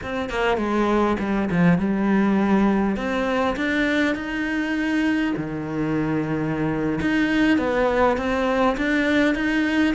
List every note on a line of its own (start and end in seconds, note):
0.02 0.29 C4
0.29 0.57 A#3
0.57 1.16 G#3
1.19 1.49 G3
1.50 1.78 F3
1.78 2.96 G3
2.96 3.56 C4
3.56 4.15 D4
4.15 5.34 D#4
5.36 7.00 D#3
7.01 7.57 D#4
7.57 8.17 B3
8.17 8.76 C4
8.77 9.35 D4
9.35 9.94 D#4